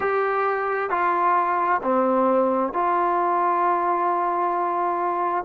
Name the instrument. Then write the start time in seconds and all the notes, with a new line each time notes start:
trombone
0.00 G4
0.90 F4
1.83 C4
2.73 F4